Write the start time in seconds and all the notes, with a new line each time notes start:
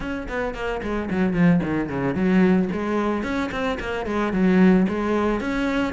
0.00 C#4
0.28 B3
0.54 A#3
0.82 G#3
1.10 F#3
1.33 F3
1.63 D#3
1.89 C#3
2.14 F#3
2.72 G#3
3.23 C#4
3.51 C4
3.79 A#3
4.06 G#3
4.32 F#3
4.88 G#3
5.40 C#4